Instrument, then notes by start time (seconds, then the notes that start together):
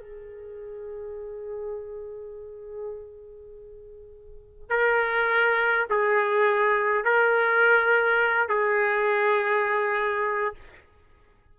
trumpet
0.00 G#4
4.70 A#4
5.90 G#4
7.05 A#4
8.49 G#4